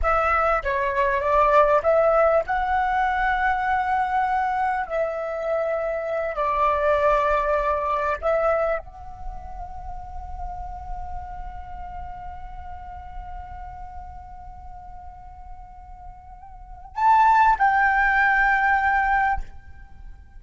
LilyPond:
\new Staff \with { instrumentName = "flute" } { \time 4/4 \tempo 4 = 99 e''4 cis''4 d''4 e''4 | fis''1 | e''2~ e''8 d''4.~ | d''4. e''4 fis''4.~ |
fis''1~ | fis''1~ | fis''1 | a''4 g''2. | }